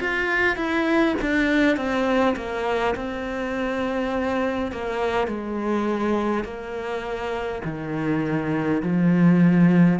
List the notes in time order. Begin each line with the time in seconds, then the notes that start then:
0.00 F4
0.56 E4
1.21 D4
1.76 C4
2.36 A#3
2.95 C4
4.72 A#3
5.27 G#3
6.44 A#3
7.64 D#3
8.82 F3